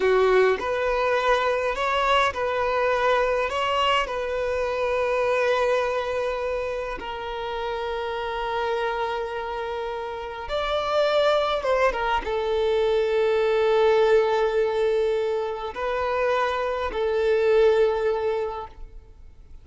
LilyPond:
\new Staff \with { instrumentName = "violin" } { \time 4/4 \tempo 4 = 103 fis'4 b'2 cis''4 | b'2 cis''4 b'4~ | b'1 | ais'1~ |
ais'2 d''2 | c''8 ais'8 a'2.~ | a'2. b'4~ | b'4 a'2. | }